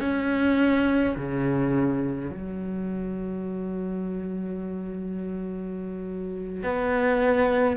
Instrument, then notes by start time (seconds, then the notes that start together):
cello
0.00 C#4
1.16 C#3
2.31 F#3
6.63 B3